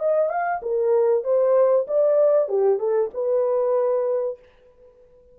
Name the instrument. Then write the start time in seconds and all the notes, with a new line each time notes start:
horn
0.00 D#5
0.30 F5
0.62 A#4
1.24 C5
1.88 D5
2.49 G4
2.79 A4
3.14 B4